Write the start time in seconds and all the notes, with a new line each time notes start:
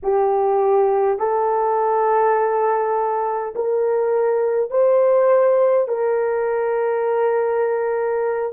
0.03 G4
1.18 A4
3.55 A#4
4.70 C5
5.88 A#4